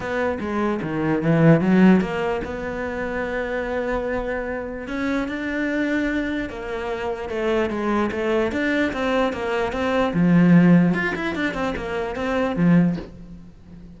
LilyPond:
\new Staff \with { instrumentName = "cello" } { \time 4/4 \tempo 4 = 148 b4 gis4 dis4 e4 | fis4 ais4 b2~ | b1 | cis'4 d'2. |
ais2 a4 gis4 | a4 d'4 c'4 ais4 | c'4 f2 f'8 e'8 | d'8 c'8 ais4 c'4 f4 | }